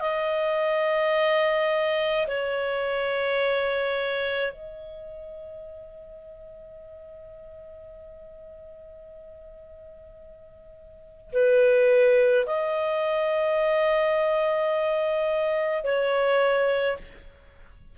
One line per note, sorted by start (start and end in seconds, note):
0.00 2.26 D#5
2.27 4.52 C#5
4.52 11.32 D#5
11.32 12.45 B4
12.46 15.84 D#5
15.84 16.97 C#5